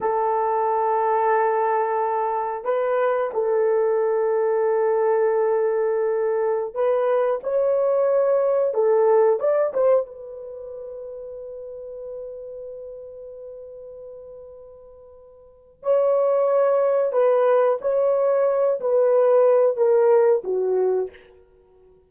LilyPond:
\new Staff \with { instrumentName = "horn" } { \time 4/4 \tempo 4 = 91 a'1 | b'4 a'2.~ | a'2~ a'16 b'4 cis''8.~ | cis''4~ cis''16 a'4 d''8 c''8 b'8.~ |
b'1~ | b'1 | cis''2 b'4 cis''4~ | cis''8 b'4. ais'4 fis'4 | }